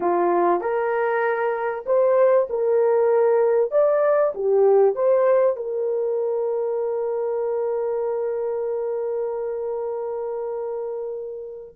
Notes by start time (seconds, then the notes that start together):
0.00 F4
0.60 A#4
1.86 C5
2.49 A#4
3.71 D5
4.34 G4
4.95 C5
5.56 A#4